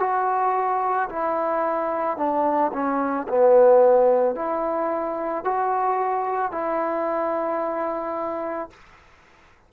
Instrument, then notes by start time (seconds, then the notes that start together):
trombone
0.00 F#4
1.10 E4
2.18 D4
2.73 C#4
3.29 B3
4.36 E4
5.44 F#4
6.52 E4